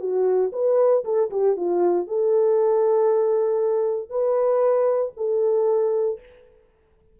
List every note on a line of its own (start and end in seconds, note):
0.00 0.51 F#4
0.53 1.04 B4
1.04 1.30 A4
1.31 1.56 G4
1.56 2.07 F4
2.07 4.10 A4
4.10 5.12 B4
5.17 6.20 A4